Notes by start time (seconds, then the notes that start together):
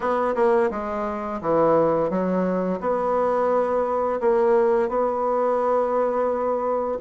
0.00 B3
0.35 A#3
0.70 G#3
1.41 E3
2.10 F#3
2.80 B3
4.20 A#3
4.88 B3